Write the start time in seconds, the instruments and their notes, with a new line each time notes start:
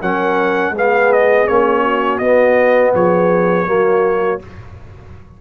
0.00 tuba F#3, trombone C#4, horn A#4, trumpet F#5
0.70 tuba G#3, trombone B3, horn G#4
0.77 trumpet F5
1.12 trumpet D#5
1.47 tuba A#3, trombone C#4, trumpet C#5
1.82 horn F#4
2.18 tuba B3, trombone B3, trumpet D#5
2.93 tuba F3, horn G#4, trumpet C#5
3.66 tuba F#3, trombone A#3, horn F#4